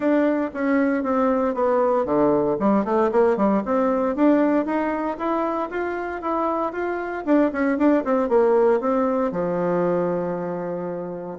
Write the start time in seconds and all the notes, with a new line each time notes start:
0.00 D4
0.54 C#4
1.03 C4
1.54 B3
2.05 D3
2.59 G3
2.84 A3
3.11 A#3
3.36 G3
3.65 C4
4.15 D4
4.65 D#4
5.17 E4
5.70 F4
6.21 E4
6.72 F4
7.25 D4
7.52 C#4
7.78 D4
8.04 C4
8.28 A#3
8.80 C4
9.31 F3